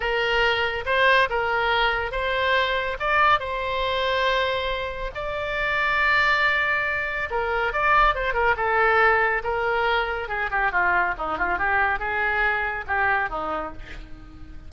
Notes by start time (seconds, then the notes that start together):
0.00 A#4
0.85 C5
1.29 A#4
2.11 C5
2.99 D5
3.39 C5
5.14 D5
7.30 A#4
7.73 D5
8.14 C5
8.33 A#4
8.56 A4
9.43 A#4
10.28 G#4
10.50 G4
10.71 F4
11.17 D#4
11.38 F4
11.58 G4
11.99 G#4
12.87 G4
13.29 D#4